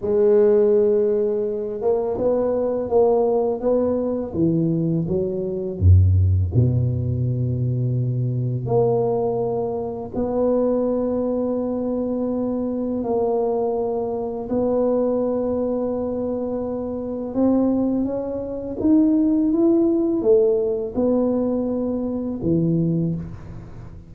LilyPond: \new Staff \with { instrumentName = "tuba" } { \time 4/4 \tempo 4 = 83 gis2~ gis8 ais8 b4 | ais4 b4 e4 fis4 | fis,4 b,2. | ais2 b2~ |
b2 ais2 | b1 | c'4 cis'4 dis'4 e'4 | a4 b2 e4 | }